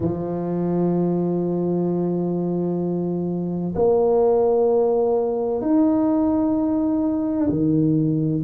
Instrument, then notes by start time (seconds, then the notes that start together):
tuba
0.00 F3
3.75 A#3
5.61 D#4
7.49 D#3